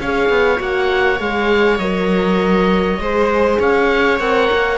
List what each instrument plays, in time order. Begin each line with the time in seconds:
0.00 cello C#4, horn G#4, viola C#5, oboe F5
0.29 cello B3
0.58 cello A#3, horn F#4, oboe F#5
1.20 cello G#3, horn G#4, oboe F5
1.78 cello F#3, horn A#4, oboe D#5
2.98 cello G#3, horn G#4, viola C5
3.59 cello C#4, viola C#5, oboe F5
4.19 cello C4, horn A#4, oboe F#5
4.52 cello A#3